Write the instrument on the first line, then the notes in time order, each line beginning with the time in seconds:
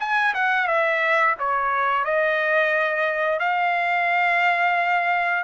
trumpet
0.00 G#5
0.34 F#5
0.68 E5
1.39 C#5
2.05 D#5
3.40 F5